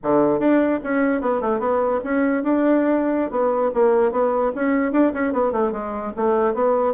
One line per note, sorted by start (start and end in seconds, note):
0.03 0.39 D3
0.39 0.79 D4
0.83 1.21 C#4
1.21 1.41 B3
1.41 1.59 A3
1.59 2.00 B3
2.03 2.43 C#4
2.43 3.30 D4
3.30 3.70 B3
3.74 4.11 A#3
4.11 4.51 B3
4.55 4.92 C#4
4.92 5.12 D4
5.13 5.32 C#4
5.32 5.51 B3
5.51 5.72 A3
5.72 6.12 G#3
6.16 6.54 A3
6.54 6.94 B3